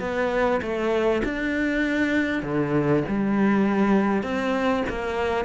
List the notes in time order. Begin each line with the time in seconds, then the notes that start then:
0.00 B3
0.62 A3
1.25 D4
2.43 D3
3.08 G3
4.23 C4
4.89 A#3